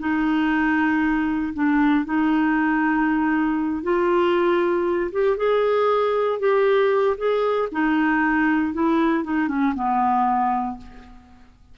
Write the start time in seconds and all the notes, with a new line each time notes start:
0.00 D#4
1.54 D4
2.06 D#4
3.83 F4
5.12 G4
5.37 G#4
6.40 G4
7.18 G#4
7.72 D#4
8.74 E4
9.24 D#4
9.49 C#4
9.76 B3